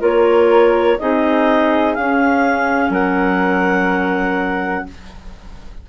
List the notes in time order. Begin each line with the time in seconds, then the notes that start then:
0.00 A#3 F4 A#4 C#5
0.99 C4 D#4 G#4 D#5
1.94 C#4 F5
2.89 F#3 A#4 F#5